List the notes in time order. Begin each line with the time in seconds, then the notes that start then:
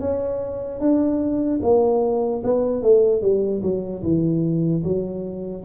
0.00 C#4
0.80 D4
1.62 A#3
2.44 B3
2.82 A3
3.21 G3
3.62 F#3
4.03 E3
4.84 F#3